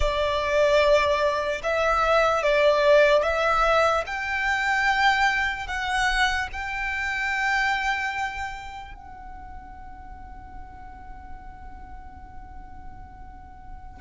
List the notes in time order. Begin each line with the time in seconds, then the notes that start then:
0.00 D5
1.63 E5
2.43 D5
3.22 E5
4.06 G5
5.67 F#5
6.52 G5
8.94 F#5